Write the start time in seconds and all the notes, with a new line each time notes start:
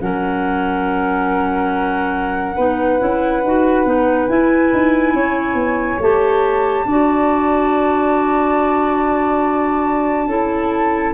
0.00 F#3 C#4 A#4 F#5
2.55 B3 D#4 B4
2.99 C#4 E4
3.43 D#4 F#4
3.85 B3 D#4
4.27 E4 G#5
4.73 D#4
5.13 C#4 C#5
5.54 B3
5.99 A3 G4 A5
6.85 D4 F#4 D5
10.26 C#4 E4 A4